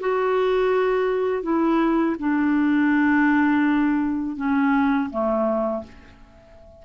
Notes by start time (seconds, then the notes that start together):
0.00 F#4
1.43 E4
2.19 D4
4.36 C#4
5.10 A3